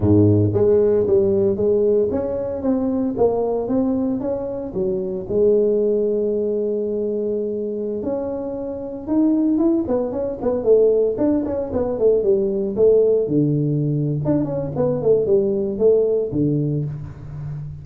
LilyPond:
\new Staff \with { instrumentName = "tuba" } { \time 4/4 \tempo 4 = 114 gis,4 gis4 g4 gis4 | cis'4 c'4 ais4 c'4 | cis'4 fis4 gis2~ | gis2.~ gis16 cis'8.~ |
cis'4~ cis'16 dis'4 e'8 b8 cis'8 b16~ | b16 a4 d'8 cis'8 b8 a8 g8.~ | g16 a4 d4.~ d16 d'8 cis'8 | b8 a8 g4 a4 d4 | }